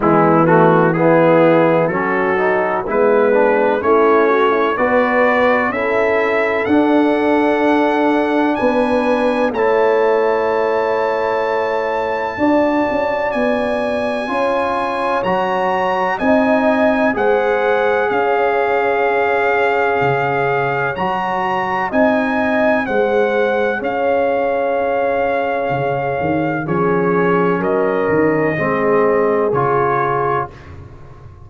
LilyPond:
<<
  \new Staff \with { instrumentName = "trumpet" } { \time 4/4 \tempo 4 = 63 e'8 fis'8 gis'4 a'4 b'4 | cis''4 d''4 e''4 fis''4~ | fis''4 gis''4 a''2~ | a''2 gis''2 |
ais''4 gis''4 fis''4 f''4~ | f''2 ais''4 gis''4 | fis''4 f''2. | cis''4 dis''2 cis''4 | }
  \new Staff \with { instrumentName = "horn" } { \time 4/4 b4 e'4 fis'4 b4 | e'8 fis'16 e'16 b'4 a'2~ | a'4 b'4 cis''2~ | cis''4 d''2 cis''4~ |
cis''4 dis''4 c''4 cis''4~ | cis''2. dis''4 | c''4 cis''2. | gis'4 ais'4 gis'2 | }
  \new Staff \with { instrumentName = "trombone" } { \time 4/4 gis8 a8 b4 cis'8 dis'8 e'8 d'8 | cis'4 fis'4 e'4 d'4~ | d'2 e'2~ | e'4 fis'2 f'4 |
fis'4 dis'4 gis'2~ | gis'2 fis'4 dis'4 | gis'1 | cis'2 c'4 f'4 | }
  \new Staff \with { instrumentName = "tuba" } { \time 4/4 e2 fis4 gis4 | a4 b4 cis'4 d'4~ | d'4 b4 a2~ | a4 d'8 cis'8 b4 cis'4 |
fis4 c'4 gis4 cis'4~ | cis'4 cis4 fis4 c'4 | gis4 cis'2 cis8 dis8 | f4 fis8 dis8 gis4 cis4 | }
>>